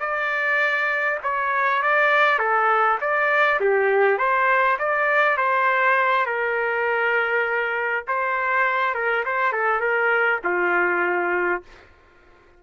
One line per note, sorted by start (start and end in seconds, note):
0.00 1.19 D5
1.23 1.83 C#5
1.83 2.39 D5
2.39 2.98 A4
3.01 3.60 D5
3.60 4.18 G4
4.18 4.77 C5
4.79 5.37 D5
5.37 6.26 C5
6.26 8.04 A#4
8.08 8.94 C5
8.94 9.24 A#4
9.25 9.52 C5
9.52 9.80 A4
9.80 10.40 A#4
10.44 11.63 F4